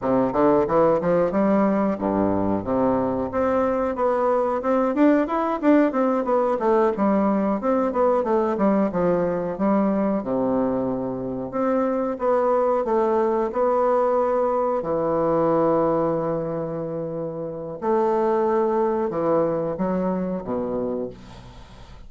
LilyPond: \new Staff \with { instrumentName = "bassoon" } { \time 4/4 \tempo 4 = 91 c8 d8 e8 f8 g4 g,4 | c4 c'4 b4 c'8 d'8 | e'8 d'8 c'8 b8 a8 g4 c'8 | b8 a8 g8 f4 g4 c8~ |
c4. c'4 b4 a8~ | a8 b2 e4.~ | e2. a4~ | a4 e4 fis4 b,4 | }